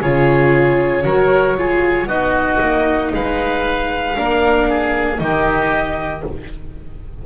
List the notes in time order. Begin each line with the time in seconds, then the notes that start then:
0.00 C#3 F4 G#4 C#5
1.03 F#3 F#4 A#4
1.57 F4 G#4
2.07 B3 D#4 F#4 D#5
2.61 A#3
3.14 G#3 B4 F5
4.15 A#3 D4 A#4
4.69 G#4
5.18 D#3 D#4 G4 D#5